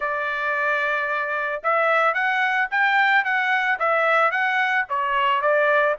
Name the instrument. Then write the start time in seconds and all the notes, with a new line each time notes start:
trumpet
0.00 D5
1.63 E5
2.14 F#5
2.70 G5
3.24 F#5
3.79 E5
4.31 F#5
4.89 C#5
5.41 D5